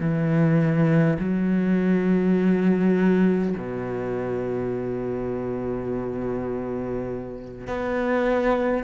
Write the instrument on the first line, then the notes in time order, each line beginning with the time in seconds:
cello
0.00 E3
1.20 F#3
3.57 B2
7.67 B3